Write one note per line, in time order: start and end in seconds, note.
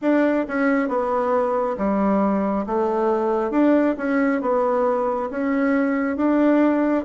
0.01 0.45 D4
0.48 0.88 C#4
0.88 1.76 B3
1.77 2.65 G3
2.66 3.51 A3
3.51 3.95 D4
3.97 4.41 C#4
4.41 5.29 B3
5.30 6.16 C#4
6.16 7.05 D4